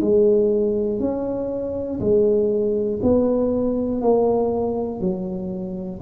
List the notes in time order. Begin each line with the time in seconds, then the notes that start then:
0.00 G#3
0.99 C#4
2.00 G#3
3.02 B3
4.00 A#3
5.00 F#3